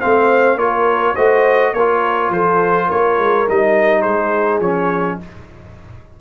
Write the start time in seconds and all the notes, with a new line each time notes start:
0.00 A3 C4 C5 F5
0.56 A#3 F4 A#4 C#5
1.16 A3 F#4 C5 D#5
1.74 A#3 F4 A#4 C#5
2.30 F3 A4 C5
2.87 A#3 A#4 C#5
3.19 G#3
3.48 G3 D#4 D#5
4.02 G#3 G#4 C5
4.60 F3 C#4 C#5